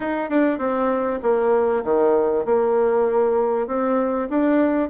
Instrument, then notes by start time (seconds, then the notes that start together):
bassoon
0.00 D#4
0.29 D4
0.58 C4
1.22 A#3
1.84 D#3
2.45 A#3
3.67 C4
4.29 D4